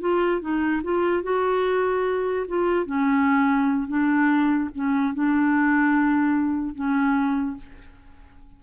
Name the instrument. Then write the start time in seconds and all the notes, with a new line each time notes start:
clarinet
0.00 F4
0.41 D#4
0.83 F4
1.23 F#4
2.48 F4
2.86 C#4
3.88 D4
4.75 C#4
5.14 D4
6.75 C#4